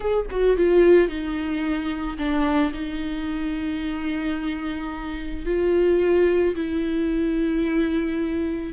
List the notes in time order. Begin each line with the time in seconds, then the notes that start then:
0.00 G#4
0.30 F#4
0.56 F4
1.08 D#4
2.18 D4
2.73 D#4
5.45 F4
6.55 E4